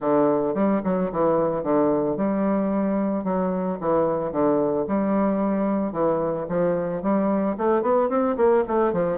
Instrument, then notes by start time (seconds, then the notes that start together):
bassoon
0.00 D3
0.54 G3
0.84 F#3
1.12 E3
1.63 D3
2.16 G3
3.24 F#3
3.80 E3
4.31 D3
4.87 G3
5.92 E3
6.48 F3
7.02 G3
7.57 A3
7.82 B3
8.09 C4
8.36 A#3
8.67 A3
8.92 F3